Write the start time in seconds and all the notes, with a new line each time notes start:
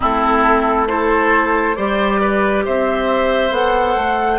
0.00 A3 C4 E4 A4
0.87 E4 A4 C5
1.75 G3 G4 C5 D5
2.20 B4
2.65 C4 C5 E5
3.50 B3 A4 F#5
3.95 A3